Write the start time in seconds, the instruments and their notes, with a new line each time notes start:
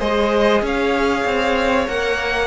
0.00 cello G#3, viola G#4, violin C5 D#5
0.62 cello C#4, violin C#5 F5
1.25 cello C4
1.87 cello A#3, viola A#4, violin F#5